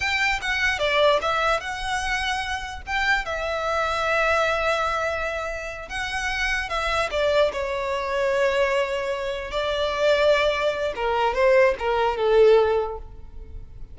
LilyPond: \new Staff \with { instrumentName = "violin" } { \time 4/4 \tempo 4 = 148 g''4 fis''4 d''4 e''4 | fis''2. g''4 | e''1~ | e''2~ e''8 fis''4.~ |
fis''8 e''4 d''4 cis''4.~ | cis''2.~ cis''8 d''8~ | d''2. ais'4 | c''4 ais'4 a'2 | }